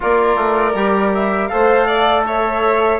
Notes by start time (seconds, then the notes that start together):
0.00 A#3 F4 A#4 D5
0.35 A3
0.74 G3 G4
1.14 E5
1.47 A4 C5 F5
1.53 A3
1.86 D5
2.26 C#5 E5